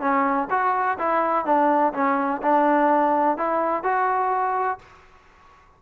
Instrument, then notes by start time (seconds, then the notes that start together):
trombone
0.00 C#4
0.50 F#4
0.98 E4
1.45 D4
1.93 C#4
2.42 D4
3.37 E4
3.83 F#4